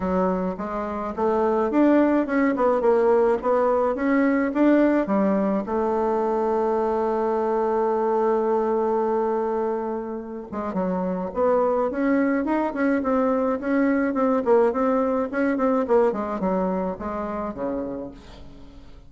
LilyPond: \new Staff \with { instrumentName = "bassoon" } { \time 4/4 \tempo 4 = 106 fis4 gis4 a4 d'4 | cis'8 b8 ais4 b4 cis'4 | d'4 g4 a2~ | a1~ |
a2~ a8 gis8 fis4 | b4 cis'4 dis'8 cis'8 c'4 | cis'4 c'8 ais8 c'4 cis'8 c'8 | ais8 gis8 fis4 gis4 cis4 | }